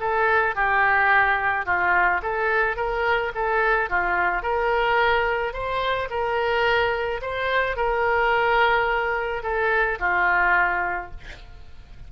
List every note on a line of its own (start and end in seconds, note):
0.00 0.56 A4
0.56 1.66 G4
1.66 2.21 F4
2.22 2.77 A4
2.77 3.32 A#4
3.35 3.90 A4
3.90 4.43 F4
4.43 5.53 A#4
5.53 6.09 C5
6.10 7.21 A#4
7.22 7.77 C5
7.77 9.43 A#4
9.43 9.98 A4
10.00 11.11 F4